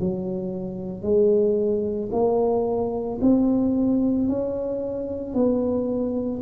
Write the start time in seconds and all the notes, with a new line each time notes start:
0.00 F#3
1.03 G#3
2.12 A#3
3.21 C4
4.28 C#4
5.34 B3